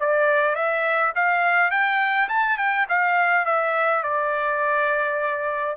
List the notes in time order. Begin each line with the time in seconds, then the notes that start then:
0.00 D5
0.55 E5
1.15 F5
1.71 G5
2.29 A5
2.58 G5
2.89 F5
3.45 E5
4.03 D5